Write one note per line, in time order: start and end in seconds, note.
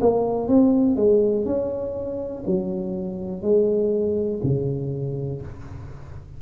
0.00 0.48 A#3
0.48 0.96 C4
0.96 1.45 G#3
1.45 2.43 C#4
2.46 3.42 F#3
3.42 4.40 G#3
4.43 5.41 C#3